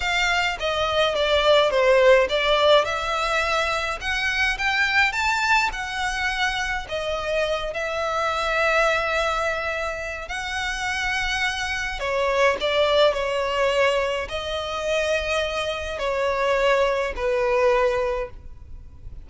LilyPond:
\new Staff \with { instrumentName = "violin" } { \time 4/4 \tempo 4 = 105 f''4 dis''4 d''4 c''4 | d''4 e''2 fis''4 | g''4 a''4 fis''2 | dis''4. e''2~ e''8~ |
e''2 fis''2~ | fis''4 cis''4 d''4 cis''4~ | cis''4 dis''2. | cis''2 b'2 | }